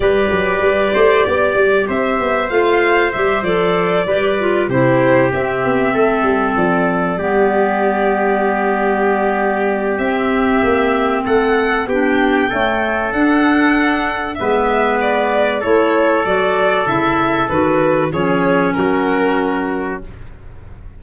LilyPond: <<
  \new Staff \with { instrumentName = "violin" } { \time 4/4 \tempo 4 = 96 d''2. e''4 | f''4 e''8 d''2 c''8~ | c''8 e''2 d''4.~ | d''1 |
e''2 fis''4 g''4~ | g''4 fis''2 e''4 | d''4 cis''4 d''4 e''4 | b'4 cis''4 ais'2 | }
  \new Staff \with { instrumentName = "trumpet" } { \time 4/4 b'4. c''8 d''4 c''4~ | c''2~ c''8 b'4 g'8~ | g'4. a'2 g'8~ | g'1~ |
g'2 a'4 g'4 | a'2. b'4~ | b'4 a'2.~ | a'4 gis'4 fis'2 | }
  \new Staff \with { instrumentName = "clarinet" } { \time 4/4 g'1 | f'4 g'8 a'4 g'8 f'8 e'8~ | e'8 c'2. b8~ | b1 |
c'2. d'4 | a4 d'2 b4~ | b4 e'4 fis'4 e'4 | fis'4 cis'2. | }
  \new Staff \with { instrumentName = "tuba" } { \time 4/4 g8 fis8 g8 a8 b8 g8 c'8 b8 | a4 g8 f4 g4 c8~ | c8 c'8 b8 a8 g8 f4 g8~ | g1 |
c'4 ais4 a4 b4 | cis'4 d'2 gis4~ | gis4 a4 fis4 cis4 | dis4 f4 fis2 | }
>>